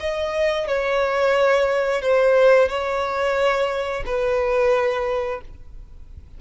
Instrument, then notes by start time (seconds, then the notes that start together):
violin
0.00 D#5
0.68 C#5
2.02 C5
2.69 C#5
4.06 B4